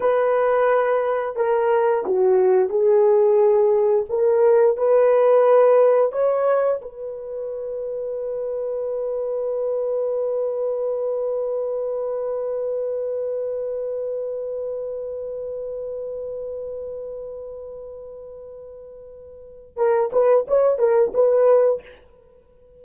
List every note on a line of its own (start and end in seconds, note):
0.00 1.36 B4
1.36 2.04 A#4
2.05 2.69 F#4
2.69 4.05 G#4
4.09 4.77 A#4
4.77 6.12 B4
6.12 6.80 C#5
6.81 19.76 B4
19.76 20.10 A#4
20.12 20.46 B4
20.47 20.78 C#5
20.78 21.12 A#4
21.14 21.82 B4